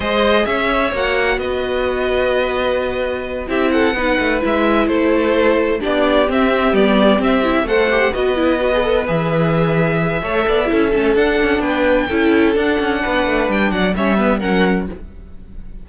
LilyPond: <<
  \new Staff \with { instrumentName = "violin" } { \time 4/4 \tempo 4 = 129 dis''4 e''4 fis''4 dis''4~ | dis''2.~ dis''8 e''8 | fis''4. e''4 c''4.~ | c''8 d''4 e''4 d''4 e''8~ |
e''8 fis''4 dis''2 e''8~ | e''1 | fis''4 g''2 fis''4~ | fis''4 g''8 fis''8 e''4 fis''4 | }
  \new Staff \with { instrumentName = "violin" } { \time 4/4 c''4 cis''2 b'4~ | b'2.~ b'8 g'8 | a'8 b'2 a'4.~ | a'8 g'2.~ g'8~ |
g'8 c''4 b'2~ b'8~ | b'2 cis''8 d''8 a'4~ | a'4 b'4 a'2 | b'4. d''8 cis''8 b'8 ais'4 | }
  \new Staff \with { instrumentName = "viola" } { \time 4/4 gis'2 fis'2~ | fis'2.~ fis'8 e'8~ | e'8 dis'4 e'2~ e'8~ | e'8 d'4 c'4 b4 c'8 |
e'8 a'8 g'8 fis'8 e'8 fis'16 gis'16 a'8 gis'8~ | gis'2 a'4 e'8 cis'8 | d'2 e'4 d'4~ | d'2 cis'8 b8 cis'4 | }
  \new Staff \with { instrumentName = "cello" } { \time 4/4 gis4 cis'4 ais4 b4~ | b2.~ b8 c'8~ | c'8 b8 a8 gis4 a4.~ | a8 b4 c'4 g4 c'8~ |
c'8 a4 b2 e8~ | e2 a8 b8 cis'8 a8 | d'8 cis'8 b4 cis'4 d'8 cis'8 | b8 a8 g8 fis8 g4 fis4 | }
>>